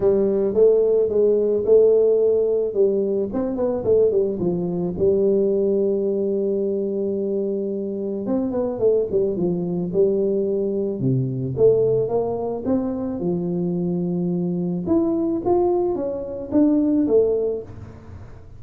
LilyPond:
\new Staff \with { instrumentName = "tuba" } { \time 4/4 \tempo 4 = 109 g4 a4 gis4 a4~ | a4 g4 c'8 b8 a8 g8 | f4 g2.~ | g2. c'8 b8 |
a8 g8 f4 g2 | c4 a4 ais4 c'4 | f2. e'4 | f'4 cis'4 d'4 a4 | }